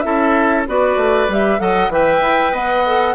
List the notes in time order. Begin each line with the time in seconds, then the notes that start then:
0.00 C#4 E4 A4 E5
0.68 B3 F#4 B4 D5
0.96 A3
1.28 G3 G4 E5
1.59 F#3 A4 D#5 F#5
1.89 E3 B4 E5 G5
2.22 E4
2.52 B3 D#5 F#5
2.87 A4